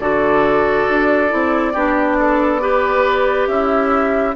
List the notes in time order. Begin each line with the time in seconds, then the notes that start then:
0.00 D3 F#4 A4 D5
0.89 D4
1.29 C4 E4
1.73 B3 D4 G4
2.19 A4
2.61 G4 B4
3.47 C#4 E4 E5